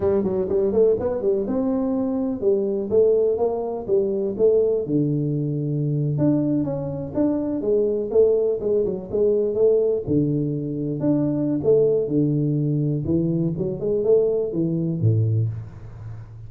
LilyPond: \new Staff \with { instrumentName = "tuba" } { \time 4/4 \tempo 4 = 124 g8 fis8 g8 a8 b8 g8 c'4~ | c'4 g4 a4 ais4 | g4 a4 d2~ | d8. d'4 cis'4 d'4 gis16~ |
gis8. a4 gis8 fis8 gis4 a16~ | a8. d2 d'4~ d'16 | a4 d2 e4 | fis8 gis8 a4 e4 a,4 | }